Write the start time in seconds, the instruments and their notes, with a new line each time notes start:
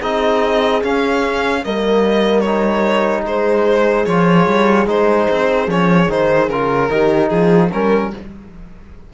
0.00 cello C4, trombone D#4, horn G#4, violin D#5
0.83 trombone C#4, cello C#4, violin F5
1.64 cello G3, trombone A#3, horn A#4, violin D#5
2.41 trombone D#4, violin C#5
3.23 cello G#3, horn G#4, violin C5
4.05 cello F3, trombone F4, violin C#5
4.47 cello G3
4.86 cello G#3, trombone D#4, violin C5
5.30 cello C4
5.67 cello F3, trombone C#4, violin C#5
6.08 cello D#3, trombone D#4, violin C5
6.49 cello C#3, trombone F4, violin A#4
6.90 cello D#3, trombone D#4, horn G4
7.29 cello F3, horn F4, violin G#4
7.72 cello G3, trombone C#4, violin A#4, horn A#4